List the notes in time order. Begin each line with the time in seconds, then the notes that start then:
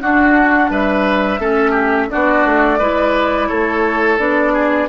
0.00 D4 F#4 F#5
0.70 G3 B4 E5
1.39 A3 C#4 A4
1.71 G4
2.09 B3 D4 F#4 D5
2.45 A3
2.78 G#3 E4 B4
3.48 A3 A4 C#5
4.18 B3 D4 D5
4.53 G#4